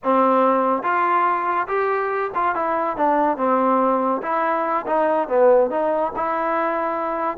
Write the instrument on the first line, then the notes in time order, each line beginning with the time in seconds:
trombone
0.03 C4
0.82 F4
1.67 G4
2.34 F4
2.55 E4
2.96 D4
3.37 C4
4.22 E4
4.86 D#4
5.28 B3
5.70 D#4
6.16 E4